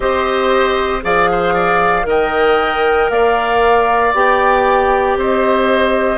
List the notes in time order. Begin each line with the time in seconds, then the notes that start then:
0.00 C4 G4 C5 D#5
1.02 F3 G#4 D5 F5
1.31 C5
1.53 D5
2.03 D#3 A#4 D#5
2.09 G5
3.09 A#3 D5 F5
4.13 B3 G4 G5
5.16 C4 C5 D#5